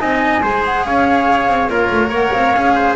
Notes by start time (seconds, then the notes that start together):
0.00 C4 D#4 D#5 G#5
0.42 G#3 G#4 C5
0.65 F#5
0.85 C#4 C#5 F5
1.47 C4
1.69 A#3 F4 A#4 C#5
1.91 A3
2.09 A#3 C#5 F#5
2.32 C4 F5
2.54 C#4 G#4
2.75 C5